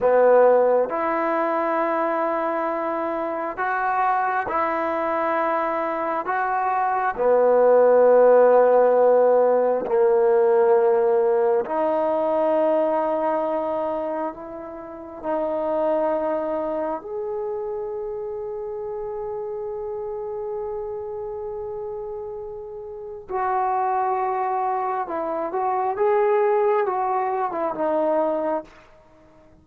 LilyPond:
\new Staff \with { instrumentName = "trombone" } { \time 4/4 \tempo 4 = 67 b4 e'2. | fis'4 e'2 fis'4 | b2. ais4~ | ais4 dis'2. |
e'4 dis'2 gis'4~ | gis'1~ | gis'2 fis'2 | e'8 fis'8 gis'4 fis'8. e'16 dis'4 | }